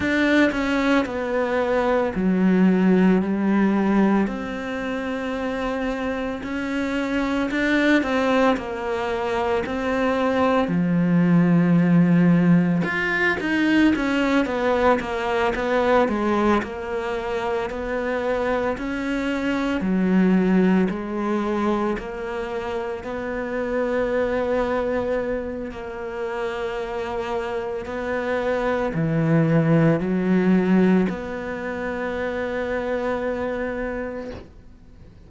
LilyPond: \new Staff \with { instrumentName = "cello" } { \time 4/4 \tempo 4 = 56 d'8 cis'8 b4 fis4 g4 | c'2 cis'4 d'8 c'8 | ais4 c'4 f2 | f'8 dis'8 cis'8 b8 ais8 b8 gis8 ais8~ |
ais8 b4 cis'4 fis4 gis8~ | gis8 ais4 b2~ b8 | ais2 b4 e4 | fis4 b2. | }